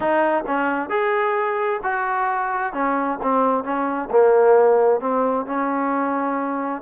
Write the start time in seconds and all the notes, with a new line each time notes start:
0.00 D#4
0.46 C#4
0.89 G#4
1.83 F#4
2.73 C#4
3.22 C4
3.64 C#4
4.10 A#3
5.00 C4
5.45 C#4